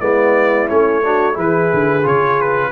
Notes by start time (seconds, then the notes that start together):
0.00 G#3 B3 E4 D5
0.68 A3 C#4 C#5
1.03 D4 F#4
1.33 E3 E4 G#4 B4
1.73 D3
2.03 C#3 F4 C#5
2.41 B4